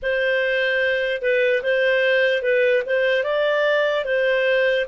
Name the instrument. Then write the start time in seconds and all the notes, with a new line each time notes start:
clarinet
0.02 C5
1.21 B4
1.62 C5
2.42 B4
2.86 C5
3.23 D5
4.05 C5